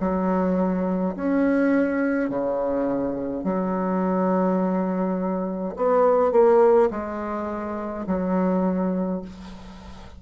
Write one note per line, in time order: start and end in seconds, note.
0.00 1.15 F#3
1.16 2.30 C#4
2.30 3.44 C#3
3.44 5.75 F#3
5.76 6.32 B3
6.32 6.90 A#3
6.91 8.06 G#3
8.07 9.22 F#3